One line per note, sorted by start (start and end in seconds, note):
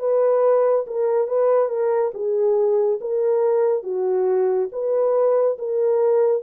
0.00 0.86 B4
0.87 1.28 A#4
1.28 1.69 B4
1.69 2.12 A#4
2.14 3.00 G#4
3.02 3.84 A#4
3.84 4.69 F#4
4.73 5.58 B4
5.59 6.43 A#4